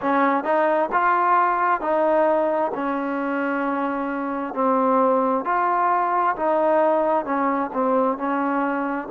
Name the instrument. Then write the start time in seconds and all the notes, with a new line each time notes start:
trombone
0.01 C#4
0.44 D#4
0.92 F4
1.80 D#4
2.74 C#4
4.53 C4
5.44 F4
6.36 D#4
7.25 C#4
7.73 C4
8.17 C#4